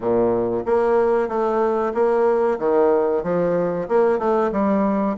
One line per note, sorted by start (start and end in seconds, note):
0.00 0.63 A#2
0.65 1.28 A#3
1.28 1.92 A3
1.94 2.58 A#3
2.58 3.23 D#3
3.23 3.87 F3
3.88 4.18 A#3
4.18 4.50 A3
4.52 5.16 G3